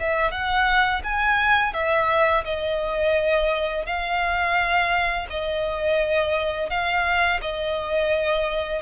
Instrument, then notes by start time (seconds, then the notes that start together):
violin
0.00 E5
0.31 F#5
1.04 G#5
1.74 E5
2.45 D#5
3.86 F5
5.30 D#5
6.70 F5
7.41 D#5